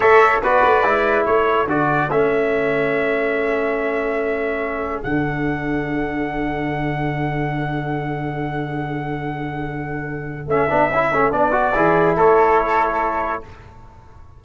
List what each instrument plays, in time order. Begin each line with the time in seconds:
0.00 tuba A3, trombone A4, flute C#5, trumpet E5
0.42 tuba B3, trombone F#4, flute B4, trumpet D5
0.63 tuba A3
0.83 tuba G#3, trombone E4
1.25 tuba A3, flute A4, trumpet C#5
1.66 tuba D3, trombone F#4, trumpet D5
2.08 tuba A3, trombone C#4, trumpet E5
5.02 tuba D3, trombone D4, trumpet F#5
10.46 tuba A3, trombone C#4, trumpet E5
10.69 tuba B3, trombone D4
10.90 tuba C#4, trombone E4
11.12 tuba A3, trombone C#4
11.32 tuba B3, trombone D4, trumpet D5
11.51 trombone F#4
11.74 tuba E3, trombone E4, flute G#4
12.16 tuba A3, flute A4, trumpet C#5